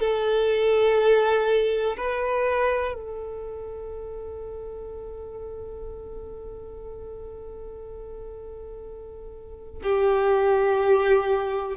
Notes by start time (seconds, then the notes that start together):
0.00 A4
1.97 B4
2.94 A4
9.83 G4